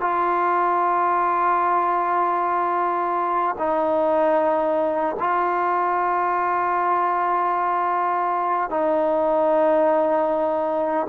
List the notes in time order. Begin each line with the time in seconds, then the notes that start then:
0.00 F4
3.58 D#4
5.19 F4
8.70 D#4